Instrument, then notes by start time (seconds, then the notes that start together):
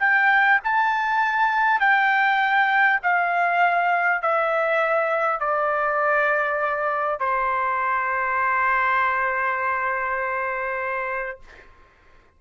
trumpet
0.00 G5
0.64 A5
1.80 G5
3.03 F5
4.22 E5
5.41 D5
7.20 C5